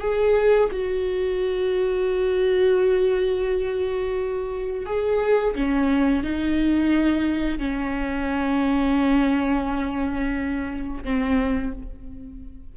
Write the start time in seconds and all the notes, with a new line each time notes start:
0.00 G#4
0.72 F#4
4.85 G#4
5.55 C#4
6.23 D#4
7.58 C#4
11.03 C4